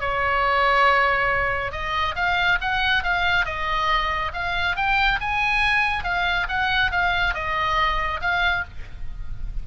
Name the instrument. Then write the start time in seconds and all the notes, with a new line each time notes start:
oboe
0.00 C#5
1.72 D#5
2.15 F5
2.61 F#5
3.03 F5
3.46 D#5
4.33 F5
4.76 G5
5.21 G#5
6.04 F5
6.49 F#5
6.92 F5
7.34 D#5
8.21 F5